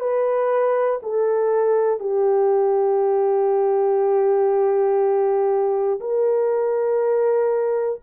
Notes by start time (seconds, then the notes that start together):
0.00 B4
1.02 A4
2.00 G4
6.00 A#4